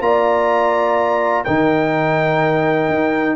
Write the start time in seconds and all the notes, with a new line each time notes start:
0.00 A#3 F4 D5 A#5
1.44 D#3 D#4 A#4 G5
2.89 D#4